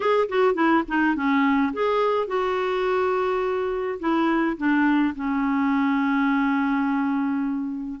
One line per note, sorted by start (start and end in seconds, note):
0.00 0.28 G#4
0.29 0.54 F#4
0.54 0.83 E4
0.88 1.15 D#4
1.15 1.72 C#4
1.73 2.27 G#4
2.27 3.98 F#4
3.99 4.56 E4
4.57 5.14 D4
5.15 8.00 C#4